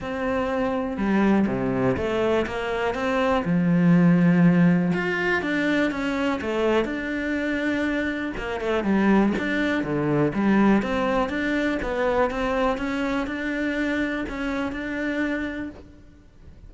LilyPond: \new Staff \with { instrumentName = "cello" } { \time 4/4 \tempo 4 = 122 c'2 g4 c4 | a4 ais4 c'4 f4~ | f2 f'4 d'4 | cis'4 a4 d'2~ |
d'4 ais8 a8 g4 d'4 | d4 g4 c'4 d'4 | b4 c'4 cis'4 d'4~ | d'4 cis'4 d'2 | }